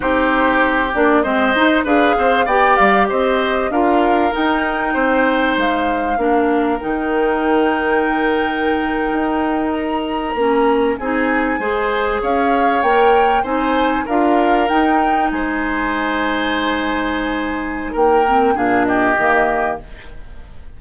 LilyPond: <<
  \new Staff \with { instrumentName = "flute" } { \time 4/4 \tempo 4 = 97 c''4. d''8 dis''4 f''4 | g''8 f''8 dis''4 f''4 g''4~ | g''4 f''2 g''4~ | g''2.~ g''8. ais''16~ |
ais''4.~ ais''16 gis''2 f''16~ | f''8. g''4 gis''4 f''4 g''16~ | g''8. gis''2.~ gis''16~ | gis''4 g''4 f''8 dis''4. | }
  \new Staff \with { instrumentName = "oboe" } { \time 4/4 g'2 c''4 b'8 c''8 | d''4 c''4 ais'2 | c''2 ais'2~ | ais'1~ |
ais'4.~ ais'16 gis'4 c''4 cis''16~ | cis''4.~ cis''16 c''4 ais'4~ ais'16~ | ais'8. c''2.~ c''16~ | c''4 ais'4 gis'8 g'4. | }
  \new Staff \with { instrumentName = "clarinet" } { \time 4/4 dis'4. d'8 c'8 dis'8 gis'4 | g'2 f'4 dis'4~ | dis'2 d'4 dis'4~ | dis'1~ |
dis'8. cis'4 dis'4 gis'4~ gis'16~ | gis'8. ais'4 dis'4 f'4 dis'16~ | dis'1~ | dis'4. c'8 d'4 ais4 | }
  \new Staff \with { instrumentName = "bassoon" } { \time 4/4 c'4. ais8 gis8 dis'8 d'8 c'8 | b8 g8 c'4 d'4 dis'4 | c'4 gis4 ais4 dis4~ | dis2~ dis8. dis'4~ dis'16~ |
dis'8. ais4 c'4 gis4 cis'16~ | cis'8. ais4 c'4 d'4 dis'16~ | dis'8. gis2.~ gis16~ | gis4 ais4 ais,4 dis4 | }
>>